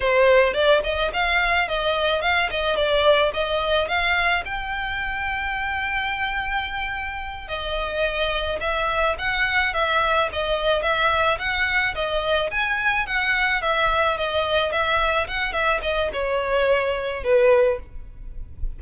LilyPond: \new Staff \with { instrumentName = "violin" } { \time 4/4 \tempo 4 = 108 c''4 d''8 dis''8 f''4 dis''4 | f''8 dis''8 d''4 dis''4 f''4 | g''1~ | g''4. dis''2 e''8~ |
e''8 fis''4 e''4 dis''4 e''8~ | e''8 fis''4 dis''4 gis''4 fis''8~ | fis''8 e''4 dis''4 e''4 fis''8 | e''8 dis''8 cis''2 b'4 | }